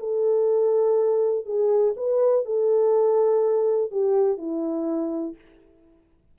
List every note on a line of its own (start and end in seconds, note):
0.00 1.46 A4
1.46 1.95 G#4
1.97 2.46 B4
2.46 3.92 A4
3.92 4.38 G4
4.38 5.36 E4